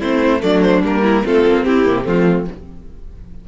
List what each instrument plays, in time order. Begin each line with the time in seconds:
0.00 cello A3, viola C4, violin E4 C5
0.40 cello F#3, viola A3, violin D4 D5
0.62 violin C5
0.83 cello G3, viola A#3, violin A#4
1.03 violin E4
1.25 cello A3, viola C4, violin F4 A4
1.46 cello A#3
1.64 cello C4, violin E4 G4
1.85 cello C3, viola A#3
2.04 cello F3, viola A3, violin C4 F4